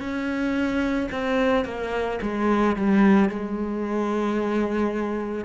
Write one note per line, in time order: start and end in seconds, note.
0.00 1.09 C#4
1.12 1.65 C4
1.65 2.19 A#3
2.22 2.76 G#3
2.76 3.29 G3
3.29 5.45 G#3